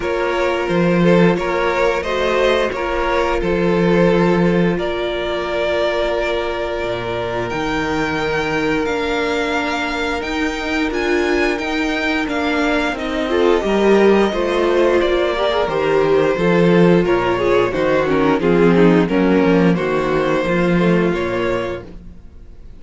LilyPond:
<<
  \new Staff \with { instrumentName = "violin" } { \time 4/4 \tempo 4 = 88 cis''4 c''4 cis''4 dis''4 | cis''4 c''2 d''4~ | d''2. g''4~ | g''4 f''2 g''4 |
gis''4 g''4 f''4 dis''4~ | dis''2 d''4 c''4~ | c''4 cis''4 c''8 ais'8 gis'4 | ais'4 c''2 cis''4 | }
  \new Staff \with { instrumentName = "violin" } { \time 4/4 ais'4. a'8 ais'4 c''4 | ais'4 a'2 ais'4~ | ais'1~ | ais'1~ |
ais'2.~ ais'8 a'8 | ais'4 c''4. ais'4. | a'4 ais'8 gis'8 fis'4 f'8 dis'8 | cis'4 fis'4 f'2 | }
  \new Staff \with { instrumentName = "viola" } { \time 4/4 f'2. fis'4 | f'1~ | f'2. dis'4~ | dis'4 d'2 dis'4 |
f'4 dis'4 d'4 dis'8 f'8 | g'4 f'4. g'16 gis'16 g'4 | f'2 dis'8 cis'8 c'4 | ais2~ ais8 a8 ais4 | }
  \new Staff \with { instrumentName = "cello" } { \time 4/4 ais4 f4 ais4 a4 | ais4 f2 ais4~ | ais2 ais,4 dis4~ | dis4 ais2 dis'4 |
d'4 dis'4 ais4 c'4 | g4 a4 ais4 dis4 | f4 ais,4 dis4 f4 | fis8 f8 dis4 f4 ais,4 | }
>>